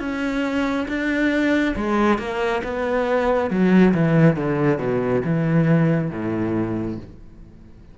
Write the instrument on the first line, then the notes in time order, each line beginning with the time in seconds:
cello
0.00 C#4
0.89 D4
1.76 G#3
2.19 A#3
2.64 B3
3.51 F#3
3.94 E3
4.36 D3
4.79 B2
5.25 E3
6.11 A2